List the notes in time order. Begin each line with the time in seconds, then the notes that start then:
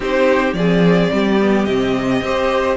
0.00 C4 D#4 G4 C5
0.53 F3 G#4 D5
0.59 C4
1.12 G3 G4
1.39 B3
1.65 C3 C4 D#5
2.21 C4 G4 C5